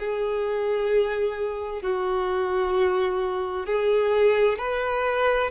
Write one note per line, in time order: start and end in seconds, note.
0.00 1.83 G#4
1.83 3.67 F#4
3.67 4.59 G#4
4.59 5.51 B4